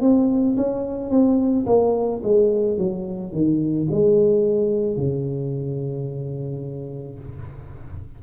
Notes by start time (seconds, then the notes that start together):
0.00 C4
0.57 C#4
1.10 C4
1.66 A#3
2.23 G#3
2.77 F#3
3.32 D#3
3.90 G#3
4.96 C#3